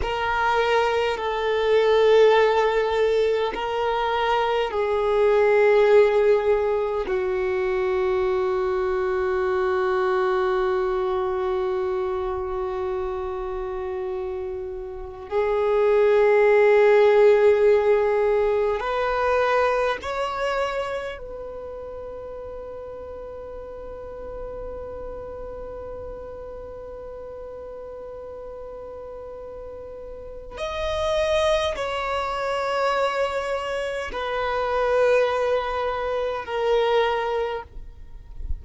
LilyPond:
\new Staff \with { instrumentName = "violin" } { \time 4/4 \tempo 4 = 51 ais'4 a'2 ais'4 | gis'2 fis'2~ | fis'1~ | fis'4 gis'2. |
b'4 cis''4 b'2~ | b'1~ | b'2 dis''4 cis''4~ | cis''4 b'2 ais'4 | }